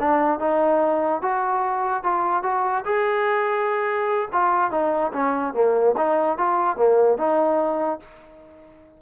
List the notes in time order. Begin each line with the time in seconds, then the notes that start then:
0.00 D4
0.40 D#4
1.22 F#4
2.04 F4
2.44 F#4
2.85 G#4
4.33 F4
4.71 D#4
5.13 C#4
5.54 A#3
5.97 D#4
6.38 F4
6.77 A#3
7.18 D#4